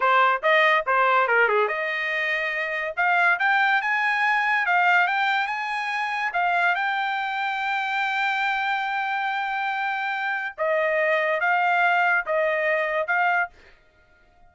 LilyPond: \new Staff \with { instrumentName = "trumpet" } { \time 4/4 \tempo 4 = 142 c''4 dis''4 c''4 ais'8 gis'8 | dis''2. f''4 | g''4 gis''2 f''4 | g''4 gis''2 f''4 |
g''1~ | g''1~ | g''4 dis''2 f''4~ | f''4 dis''2 f''4 | }